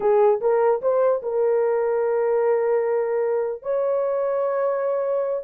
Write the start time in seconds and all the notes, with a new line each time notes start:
0.00 G#4
0.40 A#4
0.81 C5
1.22 A#4
3.62 C#5